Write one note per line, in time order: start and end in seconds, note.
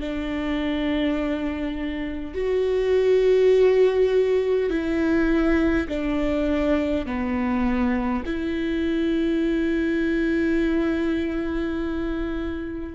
0.00 2.35 D4
2.35 4.70 F#4
4.70 5.88 E4
5.89 7.06 D4
7.06 8.24 B3
8.26 12.95 E4